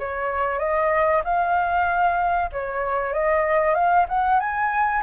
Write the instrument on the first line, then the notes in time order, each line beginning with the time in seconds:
flute
0.00 C#5
0.59 D#5
1.25 F5
2.53 C#5
3.14 D#5
3.75 F5
4.09 F#5
4.40 G#5